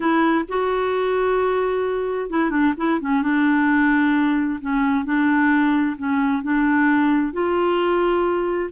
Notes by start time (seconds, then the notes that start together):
0.00 E4
0.48 F#4
2.30 E4
2.50 D4
2.77 E4
3.01 C#4
3.22 D4
4.60 C#4
5.04 D4
5.97 C#4
6.42 D4
7.32 F4